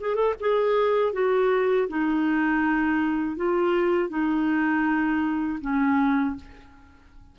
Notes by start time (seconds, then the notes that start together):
0.00 G#4
0.15 A4
0.40 G#4
1.13 F#4
1.89 D#4
3.36 F4
4.09 D#4
5.61 C#4